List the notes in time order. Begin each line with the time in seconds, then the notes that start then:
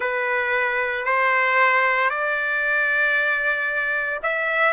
0.00 B4
1.05 C5
2.10 D5
4.22 E5